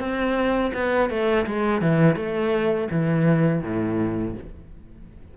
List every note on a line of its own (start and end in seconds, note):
0.00 0.72 C4
0.74 1.10 B3
1.10 1.46 A3
1.47 1.82 G#3
1.82 2.16 E3
2.16 2.88 A3
2.91 3.63 E3
3.63 4.35 A2